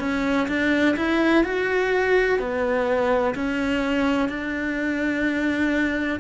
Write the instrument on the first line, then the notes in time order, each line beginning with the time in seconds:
cello
0.00 C#4
0.48 D4
0.97 E4
1.44 F#4
2.39 B3
3.35 C#4
4.29 D4